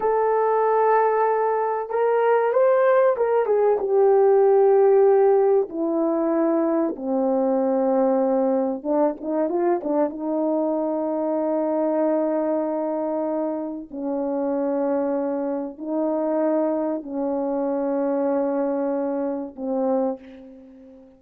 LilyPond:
\new Staff \with { instrumentName = "horn" } { \time 4/4 \tempo 4 = 95 a'2. ais'4 | c''4 ais'8 gis'8 g'2~ | g'4 e'2 c'4~ | c'2 d'8 dis'8 f'8 d'8 |
dis'1~ | dis'2 cis'2~ | cis'4 dis'2 cis'4~ | cis'2. c'4 | }